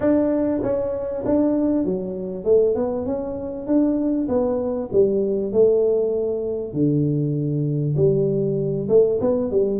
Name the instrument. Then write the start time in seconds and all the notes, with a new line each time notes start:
tuba
0.00 D4
0.62 C#4
1.25 D4
1.84 F#3
2.44 A3
2.75 B3
3.06 C#4
3.66 D4
4.28 B3
4.92 G3
5.52 A3
6.73 D3
7.96 G3
8.89 A3
9.20 B3
9.51 G3